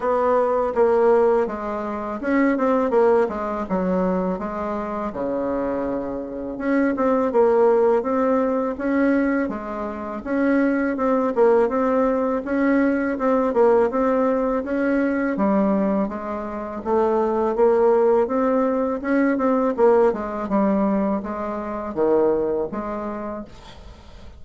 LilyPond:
\new Staff \with { instrumentName = "bassoon" } { \time 4/4 \tempo 4 = 82 b4 ais4 gis4 cis'8 c'8 | ais8 gis8 fis4 gis4 cis4~ | cis4 cis'8 c'8 ais4 c'4 | cis'4 gis4 cis'4 c'8 ais8 |
c'4 cis'4 c'8 ais8 c'4 | cis'4 g4 gis4 a4 | ais4 c'4 cis'8 c'8 ais8 gis8 | g4 gis4 dis4 gis4 | }